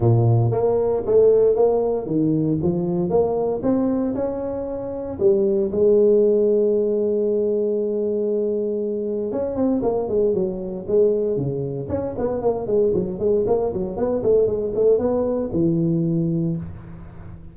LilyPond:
\new Staff \with { instrumentName = "tuba" } { \time 4/4 \tempo 4 = 116 ais,4 ais4 a4 ais4 | dis4 f4 ais4 c'4 | cis'2 g4 gis4~ | gis1~ |
gis2 cis'8 c'8 ais8 gis8 | fis4 gis4 cis4 cis'8 b8 | ais8 gis8 fis8 gis8 ais8 fis8 b8 a8 | gis8 a8 b4 e2 | }